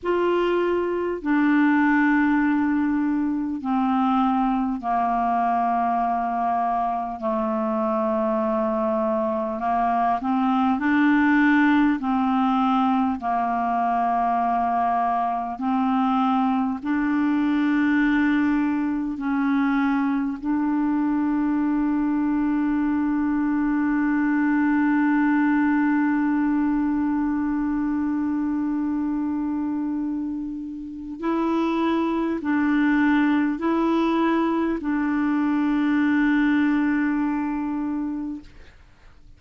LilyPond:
\new Staff \with { instrumentName = "clarinet" } { \time 4/4 \tempo 4 = 50 f'4 d'2 c'4 | ais2 a2 | ais8 c'8 d'4 c'4 ais4~ | ais4 c'4 d'2 |
cis'4 d'2.~ | d'1~ | d'2 e'4 d'4 | e'4 d'2. | }